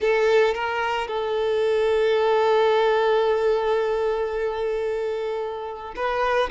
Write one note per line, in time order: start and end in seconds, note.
0.00 0.54 A4
0.54 1.07 A#4
1.07 5.94 A4
5.96 6.50 B4